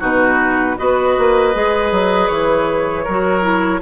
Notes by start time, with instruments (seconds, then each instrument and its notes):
0.00 bassoon B2, clarinet D#4, oboe F#4, flute B4
0.78 bassoon B3, clarinet F#4, oboe B4, flute D#5
1.19 bassoon A#3
1.54 bassoon G#3, clarinet G#4
1.92 bassoon F#3
2.28 bassoon E3, flute C#5
3.04 bassoon F#3, clarinet F#4, oboe A#4
3.42 clarinet E4